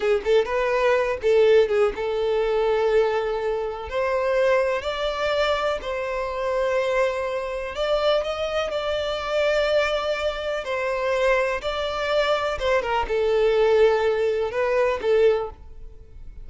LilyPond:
\new Staff \with { instrumentName = "violin" } { \time 4/4 \tempo 4 = 124 gis'8 a'8 b'4. a'4 gis'8 | a'1 | c''2 d''2 | c''1 |
d''4 dis''4 d''2~ | d''2 c''2 | d''2 c''8 ais'8 a'4~ | a'2 b'4 a'4 | }